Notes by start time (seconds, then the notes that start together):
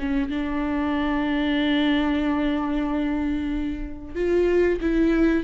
0.00 C#4
0.30 D4
4.16 F4
4.82 E4